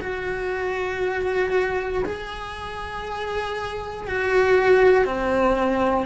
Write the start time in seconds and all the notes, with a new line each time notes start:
0.00 F#4
2.04 G#4
4.07 F#4
5.04 C4